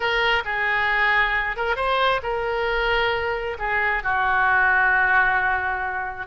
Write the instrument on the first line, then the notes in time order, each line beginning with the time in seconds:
oboe
0.00 A#4
0.44 G#4
1.56 A#4
1.76 C5
2.22 A#4
3.58 G#4
4.03 F#4